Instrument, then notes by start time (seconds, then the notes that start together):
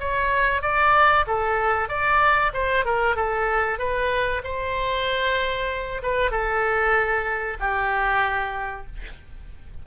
oboe
0.00 C#5
0.62 D5
1.27 A4
1.89 D5
2.53 C5
2.85 A#4
3.16 A4
3.79 B4
4.44 C5
6.03 B4
6.31 A4
7.60 G4